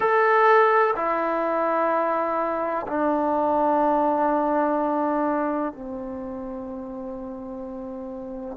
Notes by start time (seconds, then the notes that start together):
0.00 A4
0.95 E4
2.87 D4
5.72 C4